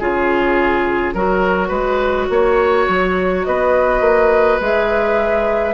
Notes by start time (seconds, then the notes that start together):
0.00 C#3 F4 G#4 C#5
1.14 F#3 F#4 A#4
1.69 G#3 B4
2.30 A#3 C#5
2.89 F#3
3.44 B3 B4 D#5
4.01 A#3
4.61 G#3 G#4 E5